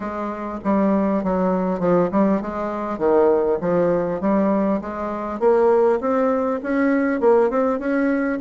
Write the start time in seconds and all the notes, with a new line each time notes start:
0.00 G#3
0.64 G3
1.23 F#3
1.79 F3
2.11 G3
2.41 G#3
2.98 D#3
3.61 F3
4.21 G3
4.81 G#3
5.39 A#3
6.00 C4
6.62 C#4
7.20 A#3
7.50 C4
7.79 C#4